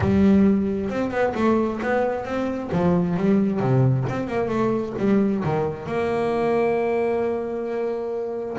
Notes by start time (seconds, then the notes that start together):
0.00 G3
0.89 C4
1.11 B3
1.34 A3
1.82 B3
2.24 C4
2.71 F3
3.17 G3
3.59 C3
4.08 C4
4.27 A#3
4.48 A3
4.98 G3
5.44 D#3
5.86 A#3